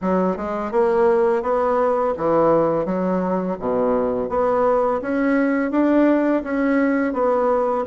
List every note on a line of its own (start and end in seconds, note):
0.01 0.36 F#3
0.36 0.71 G#3
0.71 1.42 A#3
1.42 2.14 B3
2.17 2.85 E3
2.85 3.57 F#3
3.59 4.29 B2
4.29 5.00 B3
5.01 5.71 C#4
5.71 6.43 D4
6.43 7.13 C#4
7.13 7.84 B3